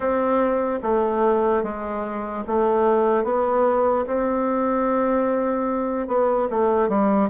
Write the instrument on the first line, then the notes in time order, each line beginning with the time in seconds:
bassoon
0.00 C4
0.83 A3
1.63 G#3
2.47 A3
3.24 B3
4.07 C4
6.07 B3
6.50 A3
6.88 G3